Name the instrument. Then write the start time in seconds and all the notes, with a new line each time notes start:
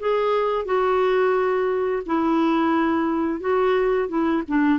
clarinet
0.00 G#4
0.66 F#4
2.07 E4
3.41 F#4
4.09 E4
4.48 D4